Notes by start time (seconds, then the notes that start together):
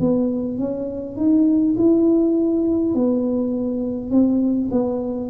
0.00 B3
0.58 C#4
1.17 D#4
1.77 E4
2.95 B3
4.11 C4
4.72 B3